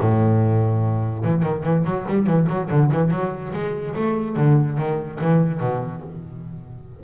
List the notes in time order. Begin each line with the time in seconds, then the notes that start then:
0.00 A2
1.24 E3
1.42 D#3
1.63 E3
1.85 F#3
2.08 G3
2.26 E3
2.49 F#3
2.70 D3
2.92 E3
3.10 F#3
3.53 G#3
3.95 A3
4.36 D3
4.77 D#3
5.21 E3
5.60 B2